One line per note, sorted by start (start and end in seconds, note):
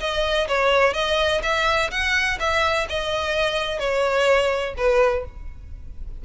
0.00 0.48 D#5
0.48 0.94 C#5
0.94 1.41 D#5
1.42 1.90 E5
1.91 2.38 F#5
2.39 2.87 E5
2.89 3.79 D#5
3.79 4.74 C#5
4.77 5.24 B4